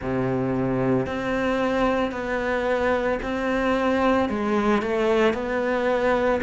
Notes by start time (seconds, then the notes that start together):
0.02 C3
1.06 C4
2.11 B3
3.22 C4
4.29 G#3
4.82 A3
5.33 B3